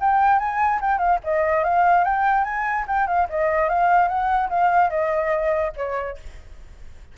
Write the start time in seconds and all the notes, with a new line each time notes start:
0.00 G5
0.39 G#5
0.81 G5
0.98 F5
1.24 D#5
1.64 F5
2.04 G5
2.44 G#5
2.87 G5
3.07 F5
3.29 D#5
3.69 F5
4.08 F#5
4.49 F5
4.90 D#5
5.76 C#5